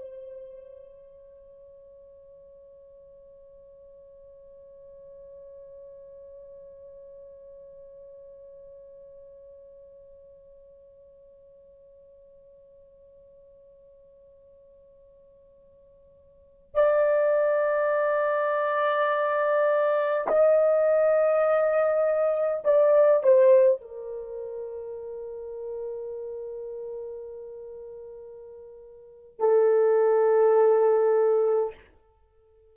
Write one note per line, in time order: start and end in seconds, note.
0.00 16.75 C#5
16.75 20.28 D5
20.28 22.64 D#5
22.65 23.24 D5
23.24 23.81 C5
23.81 29.40 A#4
29.40 31.75 A4